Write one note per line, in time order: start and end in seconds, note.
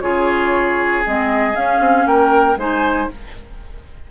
0.00 1.04 C#3
0.00 1.04 F4
0.00 2.07 G#4
0.00 1.03 C#5
1.05 1.55 G#3
1.05 1.53 C4
1.05 1.56 D#5
1.53 2.55 C#4
1.53 1.79 C#4
1.53 2.07 F5
1.79 2.05 C4
2.06 2.56 A#3
2.06 2.59 A#4
2.06 2.58 G5
2.56 3.07 G#3
2.56 3.10 D#4
2.56 3.10 C5
2.56 3.11 G#5